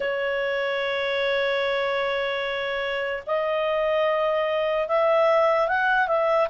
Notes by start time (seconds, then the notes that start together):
0.00 C#5
3.26 D#5
4.88 E5
5.68 F#5
6.07 E5